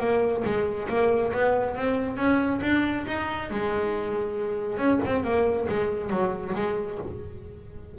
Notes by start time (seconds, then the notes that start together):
0.00 A#3
0.45 G#3
0.89 A#3
1.33 B3
1.76 C4
2.17 C#4
2.62 D4
3.07 D#4
3.51 G#3
4.78 C#4
5.06 C4
5.24 A#3
5.69 G#3
6.10 F#3
6.55 G#3